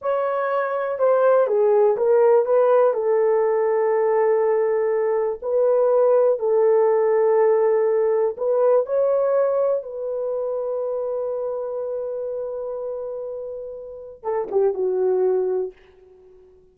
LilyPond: \new Staff \with { instrumentName = "horn" } { \time 4/4 \tempo 4 = 122 cis''2 c''4 gis'4 | ais'4 b'4 a'2~ | a'2. b'4~ | b'4 a'2.~ |
a'4 b'4 cis''2 | b'1~ | b'1~ | b'4 a'8 g'8 fis'2 | }